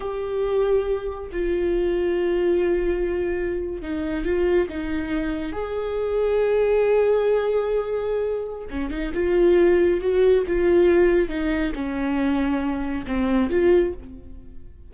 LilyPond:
\new Staff \with { instrumentName = "viola" } { \time 4/4 \tempo 4 = 138 g'2. f'4~ | f'1~ | f'8. dis'4 f'4 dis'4~ dis'16~ | dis'8. gis'2.~ gis'16~ |
gis'1 | cis'8 dis'8 f'2 fis'4 | f'2 dis'4 cis'4~ | cis'2 c'4 f'4 | }